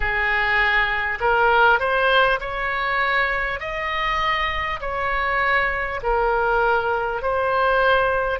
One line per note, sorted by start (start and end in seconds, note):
0.00 1.18 G#4
1.20 1.79 A#4
1.79 2.39 C5
2.40 3.60 C#5
3.60 4.80 D#5
4.80 6.00 C#5
6.03 7.22 A#4
7.22 8.39 C5